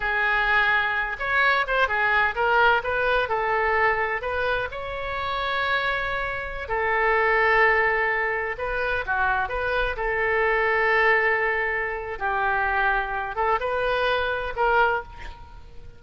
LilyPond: \new Staff \with { instrumentName = "oboe" } { \time 4/4 \tempo 4 = 128 gis'2~ gis'8 cis''4 c''8 | gis'4 ais'4 b'4 a'4~ | a'4 b'4 cis''2~ | cis''2~ cis''16 a'4.~ a'16~ |
a'2~ a'16 b'4 fis'8.~ | fis'16 b'4 a'2~ a'8.~ | a'2 g'2~ | g'8 a'8 b'2 ais'4 | }